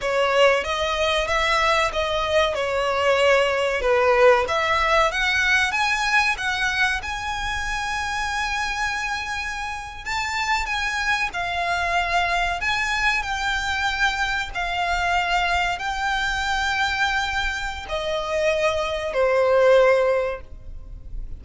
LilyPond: \new Staff \with { instrumentName = "violin" } { \time 4/4 \tempo 4 = 94 cis''4 dis''4 e''4 dis''4 | cis''2 b'4 e''4 | fis''4 gis''4 fis''4 gis''4~ | gis''2.~ gis''8. a''16~ |
a''8. gis''4 f''2 gis''16~ | gis''8. g''2 f''4~ f''16~ | f''8. g''2.~ g''16 | dis''2 c''2 | }